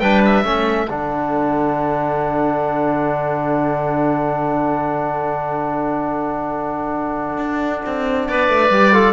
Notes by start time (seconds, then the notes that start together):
0.00 G3 D4 B4 G5
0.26 E5
0.45 A3 C#4 A4
0.90 D3 D4 F#5
7.38 D4
7.86 C4
8.28 B3 B4 D5
8.49 A3
8.70 G3 G4
8.93 F4 A4